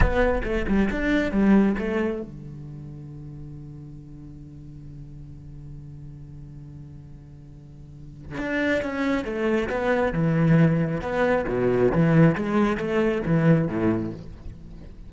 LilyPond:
\new Staff \with { instrumentName = "cello" } { \time 4/4 \tempo 4 = 136 b4 a8 g8 d'4 g4 | a4 d2.~ | d1~ | d1~ |
d2. d'4 | cis'4 a4 b4 e4~ | e4 b4 b,4 e4 | gis4 a4 e4 a,4 | }